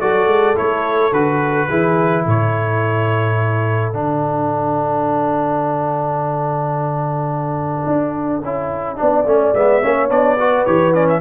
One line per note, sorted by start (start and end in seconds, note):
0.00 0.27 F#3
0.00 0.55 F#4
0.00 1.69 A4
0.00 0.57 D5
0.27 0.55 G#3
0.55 1.12 A3
0.55 1.11 E4
0.55 1.13 C#5
1.12 1.68 D3
1.12 1.70 F#4
1.12 2.25 B4
1.69 2.26 E3
1.69 3.94 E4
1.69 2.24 G#4
2.24 3.94 A2
2.24 8.97 A4
2.24 3.92 C#5
3.92 7.86 D3
3.92 8.42 D4
3.92 9.53 F#5
7.86 8.42 D4
8.42 8.98 C#4
8.42 8.96 E4
8.96 9.25 B3
8.96 9.24 D4
8.96 9.83 D5
9.25 9.53 A3
9.25 9.55 C#4
9.54 9.82 G#3
9.54 9.82 B3
9.54 10.10 E5
9.82 10.10 A#3
9.82 10.09 C#4
9.82 10.39 C#5
10.09 10.66 B3
10.09 10.37 D4
10.09 10.66 D5
10.39 10.66 F#4
10.39 11.21 B4
10.66 11.21 E3
10.66 10.93 G4
10.66 10.94 C#5
10.93 11.21 C#4
10.93 11.08 D5
11.08 11.21 E5